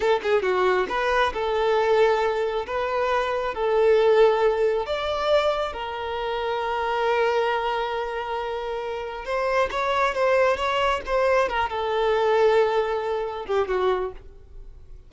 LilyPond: \new Staff \with { instrumentName = "violin" } { \time 4/4 \tempo 4 = 136 a'8 gis'8 fis'4 b'4 a'4~ | a'2 b'2 | a'2. d''4~ | d''4 ais'2.~ |
ais'1~ | ais'4 c''4 cis''4 c''4 | cis''4 c''4 ais'8 a'4.~ | a'2~ a'8 g'8 fis'4 | }